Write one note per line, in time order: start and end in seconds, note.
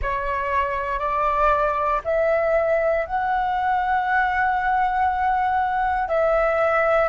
0.01 0.99 C#5
0.99 2.01 D5
2.04 3.06 E5
3.06 6.08 F#5
6.08 7.08 E5